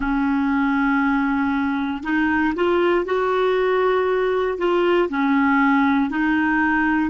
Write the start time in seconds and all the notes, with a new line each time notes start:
0.00 C#4
2.03 D#4
2.55 F4
3.05 F#4
4.58 F4
5.08 C#4
6.10 D#4